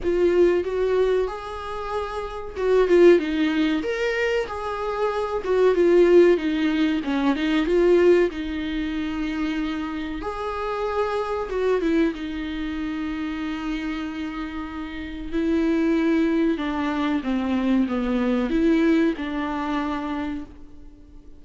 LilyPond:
\new Staff \with { instrumentName = "viola" } { \time 4/4 \tempo 4 = 94 f'4 fis'4 gis'2 | fis'8 f'8 dis'4 ais'4 gis'4~ | gis'8 fis'8 f'4 dis'4 cis'8 dis'8 | f'4 dis'2. |
gis'2 fis'8 e'8 dis'4~ | dis'1 | e'2 d'4 c'4 | b4 e'4 d'2 | }